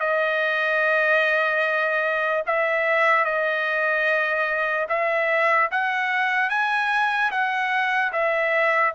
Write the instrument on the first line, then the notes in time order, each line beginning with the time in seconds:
trumpet
0.00 D#5
2.46 E5
3.25 D#5
4.89 E5
5.72 F#5
6.50 G#5
7.31 F#5
8.13 E5